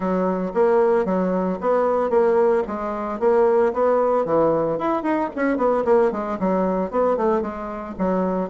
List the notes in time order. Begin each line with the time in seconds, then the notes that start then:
0.00 F#3
0.54 A#3
1.05 F#3
1.60 B3
2.09 A#3
2.67 G#3
3.19 A#3
3.73 B3
4.25 E3
4.78 E4
5.02 D#4
5.35 C#4
5.57 B3
5.85 A#3
6.11 G#3
6.39 F#3
6.90 B3
7.16 A3
7.41 G#3
7.98 F#3